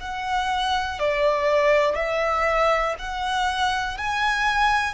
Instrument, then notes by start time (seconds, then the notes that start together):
violin
0.00 F#5
0.99 D5
1.95 E5
2.99 F#5
3.98 G#5